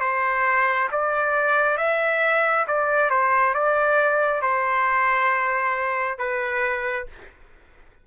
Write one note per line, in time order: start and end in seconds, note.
0.00 0.88 C5
0.91 1.77 D5
1.77 2.66 E5
2.68 3.10 D5
3.10 3.54 C5
3.54 4.42 D5
4.42 6.18 C5
6.18 7.06 B4